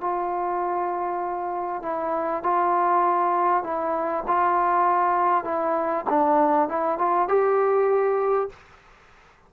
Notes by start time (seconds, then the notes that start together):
0.00 F4
1.82 E4
2.43 F4
3.63 E4
4.27 F4
5.44 E4
6.09 D4
6.68 E4
6.98 F4
7.28 G4